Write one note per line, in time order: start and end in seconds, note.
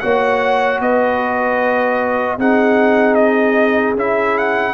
0.00 0.80 A#3
0.00 2.38 F#4
0.00 0.81 C#5
0.00 0.79 F#5
0.80 2.37 B3
0.80 2.38 B4
0.80 2.39 D#5
2.37 3.95 C4
2.37 3.96 D#4
2.37 4.74 G#4
2.37 3.14 F#5
3.14 3.93 D#5
3.95 4.74 C#4
3.95 4.74 E4
3.95 4.38 E5
4.38 4.74 F#5